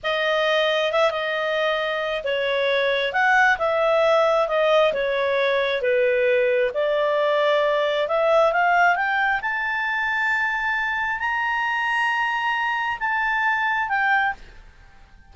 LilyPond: \new Staff \with { instrumentName = "clarinet" } { \time 4/4 \tempo 4 = 134 dis''2 e''8 dis''4.~ | dis''4 cis''2 fis''4 | e''2 dis''4 cis''4~ | cis''4 b'2 d''4~ |
d''2 e''4 f''4 | g''4 a''2.~ | a''4 ais''2.~ | ais''4 a''2 g''4 | }